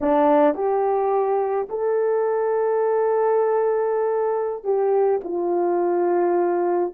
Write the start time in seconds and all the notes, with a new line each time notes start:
0.01 D4
0.54 G4
1.69 A4
4.64 G4
5.24 F4